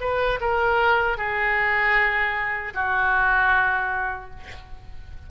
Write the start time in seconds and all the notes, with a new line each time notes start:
0.00 B4
0.40 A#4
1.17 G#4
2.74 F#4